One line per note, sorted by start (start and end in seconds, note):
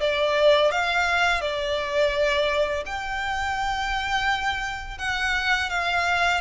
0.00 0.71 D5
0.71 1.41 F5
1.41 2.84 D5
2.86 4.98 G5
4.98 5.69 F#5
5.69 6.41 F5